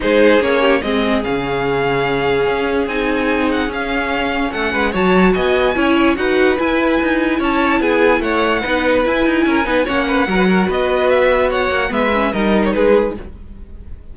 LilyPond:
<<
  \new Staff \with { instrumentName = "violin" } { \time 4/4 \tempo 4 = 146 c''4 cis''4 dis''4 f''4~ | f''2. gis''4~ | gis''8 fis''8 f''2 fis''4 | a''4 gis''2 fis''4 |
gis''2 a''4 gis''4 | fis''2 gis''2 | fis''2 dis''4 e''4 | fis''4 e''4 dis''8. cis''16 b'4 | }
  \new Staff \with { instrumentName = "violin" } { \time 4/4 gis'4. g'8 gis'2~ | gis'1~ | gis'2. a'8 b'8 | cis''4 dis''4 cis''4 b'4~ |
b'2 cis''4 gis'4 | cis''4 b'2 ais'8 b'8 | cis''8 b'8 ais'16 b'16 ais'8 b'2 | cis''4 b'4 ais'4 gis'4 | }
  \new Staff \with { instrumentName = "viola" } { \time 4/4 dis'4 cis'4 c'4 cis'4~ | cis'2. dis'4~ | dis'4 cis'2. | fis'2 e'4 fis'4 |
e'1~ | e'4 dis'4 e'4. dis'8 | cis'4 fis'2.~ | fis'4 b8 cis'8 dis'2 | }
  \new Staff \with { instrumentName = "cello" } { \time 4/4 gis4 ais4 gis4 cis4~ | cis2 cis'4 c'4~ | c'4 cis'2 a8 gis8 | fis4 b4 cis'4 dis'4 |
e'4 dis'4 cis'4 b4 | a4 b4 e'8 dis'8 cis'8 b8 | ais4 fis4 b2~ | b8 ais8 gis4 g4 gis4 | }
>>